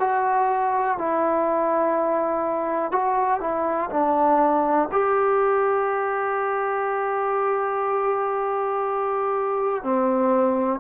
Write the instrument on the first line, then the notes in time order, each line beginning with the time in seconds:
trombone
0.00 F#4
0.99 E4
2.92 F#4
3.41 E4
3.91 D4
4.92 G4
9.84 C4